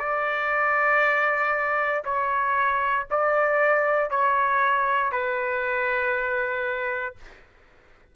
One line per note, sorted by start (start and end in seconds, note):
0.00 2.03 D5
2.05 3.07 C#5
3.11 4.11 D5
4.11 5.13 C#5
5.13 7.16 B4